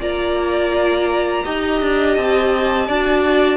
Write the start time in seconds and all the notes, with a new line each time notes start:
0.00 A#3 F4 D5 A#5
1.45 D#4 G4 D#5
1.81 D4
2.16 C4 A5
2.88 D4 F#4 D5